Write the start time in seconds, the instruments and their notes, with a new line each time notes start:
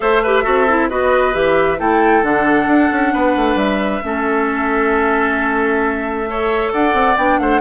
0.00 bassoon A3, clarinet A4, oboe C5, flute E5
0.22 clarinet G4, oboe B4
0.43 bassoon C4, clarinet F#4, oboe A4
0.68 clarinet E4
0.89 bassoon B3, clarinet F#4, oboe B4, flute D#5
1.32 bassoon E3, clarinet G4, flute E5
1.78 bassoon A3, clarinet E4, oboe A4, flute G5
2.22 bassoon D3, clarinet D4, flute F#5
2.66 bassoon D4
2.91 bassoon C#4
3.13 bassoon B3, oboe B4
3.36 bassoon A3
3.55 bassoon G3, flute E5
4.03 bassoon A3, clarinet C#4, oboe A4
6.26 clarinet A4, oboe C#5
6.72 bassoon D4, oboe D5, flute F#5
6.93 bassoon C4
7.17 bassoon B3, clarinet D4, flute G5
7.39 bassoon A3, oboe C5, flute F#5